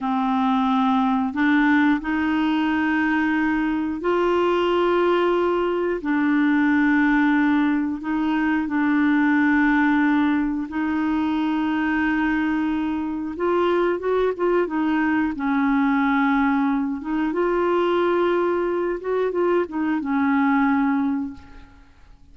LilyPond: \new Staff \with { instrumentName = "clarinet" } { \time 4/4 \tempo 4 = 90 c'2 d'4 dis'4~ | dis'2 f'2~ | f'4 d'2. | dis'4 d'2. |
dis'1 | f'4 fis'8 f'8 dis'4 cis'4~ | cis'4. dis'8 f'2~ | f'8 fis'8 f'8 dis'8 cis'2 | }